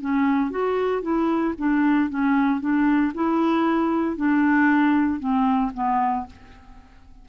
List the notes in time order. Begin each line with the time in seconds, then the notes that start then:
0.00 C#4
0.51 F#4
1.02 E4
1.58 D4
2.10 C#4
2.60 D4
3.14 E4
4.16 D4
5.19 C4
5.74 B3